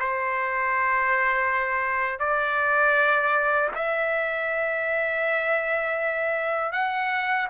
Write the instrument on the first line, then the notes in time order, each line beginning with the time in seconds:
trumpet
0.00 C5
2.20 D5
3.75 E5
6.73 F#5